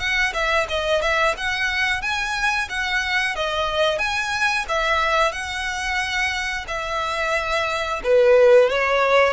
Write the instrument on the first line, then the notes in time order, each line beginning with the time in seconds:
violin
0.00 F#5
0.34 E5
0.69 D#5
1.02 E5
1.38 F#5
2.02 G#5
2.70 F#5
3.36 D#5
3.99 G#5
4.69 E5
5.33 F#5
6.68 E5
8.04 B4
8.70 C#5